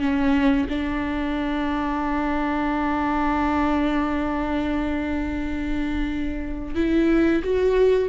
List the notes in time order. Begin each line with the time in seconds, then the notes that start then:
0.00 C#4
0.69 D4
6.75 E4
7.43 F#4